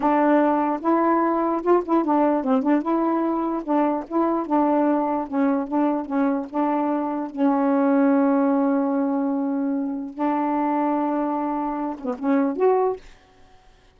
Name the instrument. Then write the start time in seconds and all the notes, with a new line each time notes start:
saxophone
0.00 D4
0.81 E4
1.62 F4
1.85 E4
2.04 D4
2.44 C4
2.62 D4
2.82 E4
3.63 D4
4.07 E4
4.46 D4
5.27 C#4
5.67 D4
6.05 C#4
6.49 D4
7.30 C#4
10.14 D4
11.98 C#4
12.04 B3
12.18 C#4
12.56 F#4